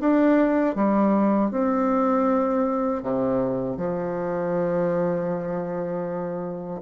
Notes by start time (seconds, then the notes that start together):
0.00 D4
0.75 G3
1.51 C4
3.03 C3
3.77 F3